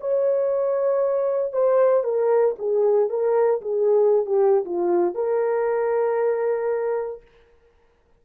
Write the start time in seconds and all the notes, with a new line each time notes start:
0.00 C#5
1.52 C5
2.04 A#4
2.58 G#4
3.09 A#4
3.61 G#4
4.26 G4
4.65 F4
5.14 A#4